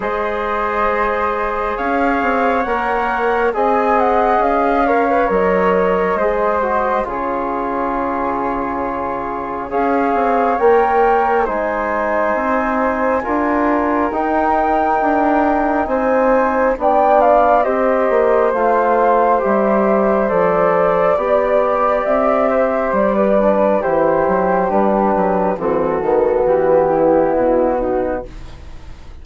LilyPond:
<<
  \new Staff \with { instrumentName = "flute" } { \time 4/4 \tempo 4 = 68 dis''2 f''4 fis''4 | gis''8 fis''8 f''4 dis''2 | cis''2. f''4 | g''4 gis''2. |
g''2 gis''4 g''8 f''8 | dis''4 f''4 e''4 d''4~ | d''4 e''4 d''4 c''4 | b'4 a'4 g'4 fis'4 | }
  \new Staff \with { instrumentName = "flute" } { \time 4/4 c''2 cis''2 | dis''4. cis''4. c''4 | gis'2. cis''4~ | cis''4 c''2 ais'4~ |
ais'2 c''4 d''4 | c''1 | d''4. c''8. b'8. g'4~ | g'4 fis'4. e'4 dis'8 | }
  \new Staff \with { instrumentName = "trombone" } { \time 4/4 gis'2. ais'4 | gis'4. ais'16 b'16 ais'4 gis'8 fis'8 | f'2. gis'4 | ais'4 dis'2 f'4 |
dis'2. d'4 | g'4 f'4 g'4 a'4 | g'2~ g'8 d'8 e'4 | d'4 c'8 b2~ b8 | }
  \new Staff \with { instrumentName = "bassoon" } { \time 4/4 gis2 cis'8 c'8 ais4 | c'4 cis'4 fis4 gis4 | cis2. cis'8 c'8 | ais4 gis4 c'4 d'4 |
dis'4 d'4 c'4 b4 | c'8 ais8 a4 g4 f4 | b4 c'4 g4 e8 fis8 | g8 fis8 e8 dis8 e4 b,4 | }
>>